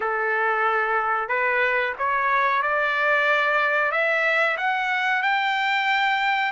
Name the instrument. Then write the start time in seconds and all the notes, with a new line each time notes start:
trumpet
0.00 A4
1.28 B4
1.98 C#5
2.62 D5
3.91 E5
4.57 F#5
5.22 G5